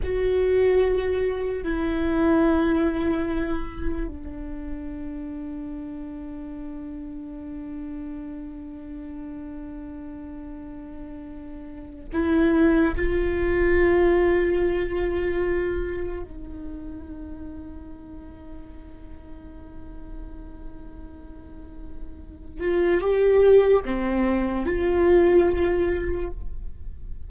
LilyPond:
\new Staff \with { instrumentName = "viola" } { \time 4/4 \tempo 4 = 73 fis'2 e'2~ | e'4 d'2.~ | d'1~ | d'2~ d'8. e'4 f'16~ |
f'2.~ f'8. dis'16~ | dis'1~ | dis'2.~ dis'8 f'8 | g'4 c'4 f'2 | }